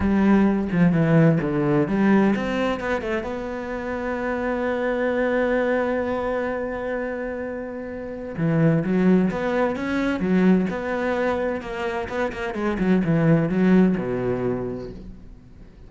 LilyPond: \new Staff \with { instrumentName = "cello" } { \time 4/4 \tempo 4 = 129 g4. f8 e4 d4 | g4 c'4 b8 a8 b4~ | b1~ | b1~ |
b2 e4 fis4 | b4 cis'4 fis4 b4~ | b4 ais4 b8 ais8 gis8 fis8 | e4 fis4 b,2 | }